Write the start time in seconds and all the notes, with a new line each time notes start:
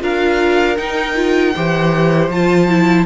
0.00 D4 F4 A#4 F5
0.76 D#4 G5
1.16 F4
1.56 E3 G4 C5
2.29 F3 F4 A5
2.69 E4